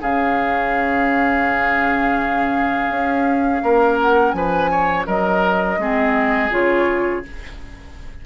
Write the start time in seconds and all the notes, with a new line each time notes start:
0.00 C#3 C#4 G#4 F5
2.89 C#4
3.63 A#3 A#4
4.00 F#5
4.31 F3 B4 G#5
4.70 C#5
5.06 F#3 A#4 D#5
5.78 G#3 C4 G#4
6.50 C#3 F4 C#5